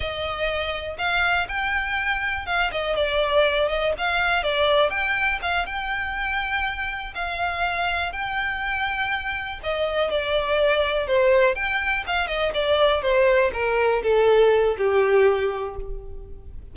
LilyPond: \new Staff \with { instrumentName = "violin" } { \time 4/4 \tempo 4 = 122 dis''2 f''4 g''4~ | g''4 f''8 dis''8 d''4. dis''8 | f''4 d''4 g''4 f''8 g''8~ | g''2~ g''8 f''4.~ |
f''8 g''2. dis''8~ | dis''8 d''2 c''4 g''8~ | g''8 f''8 dis''8 d''4 c''4 ais'8~ | ais'8 a'4. g'2 | }